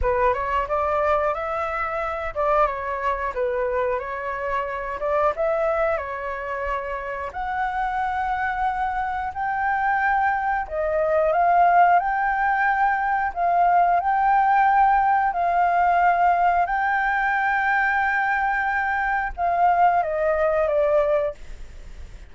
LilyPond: \new Staff \with { instrumentName = "flute" } { \time 4/4 \tempo 4 = 90 b'8 cis''8 d''4 e''4. d''8 | cis''4 b'4 cis''4. d''8 | e''4 cis''2 fis''4~ | fis''2 g''2 |
dis''4 f''4 g''2 | f''4 g''2 f''4~ | f''4 g''2.~ | g''4 f''4 dis''4 d''4 | }